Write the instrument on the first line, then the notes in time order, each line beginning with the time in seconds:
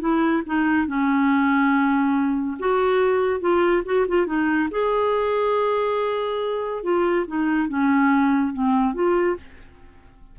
clarinet
0.00 E4
0.46 D#4
0.87 C#4
2.59 F#4
3.40 F4
3.85 F#4
4.08 F4
4.26 D#4
4.71 G#4
6.83 F4
7.27 D#4
7.68 C#4
8.53 C4
8.94 F4